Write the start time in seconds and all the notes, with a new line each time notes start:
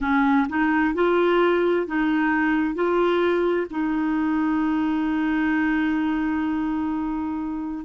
0.00 C#4
0.49 D#4
0.94 F4
1.86 D#4
2.74 F4
3.70 D#4